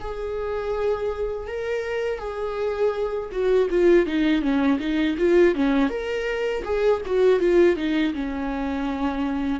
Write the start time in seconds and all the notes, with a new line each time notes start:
0.00 G#4
1.47 A#4
2.19 G#4
3.32 F#4
3.70 F4
4.06 D#4
4.42 C#4
4.79 D#4
5.18 F4
5.55 C#4
5.89 A#4
6.64 G#4
7.06 F#4
7.40 F4
7.76 D#4
8.13 C#4